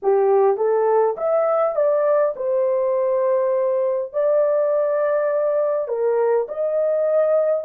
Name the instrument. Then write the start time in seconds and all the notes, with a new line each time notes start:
horn
0.02 G4
0.56 A4
1.17 E5
1.75 D5
2.36 C5
4.12 D5
5.88 A#4
6.48 D#5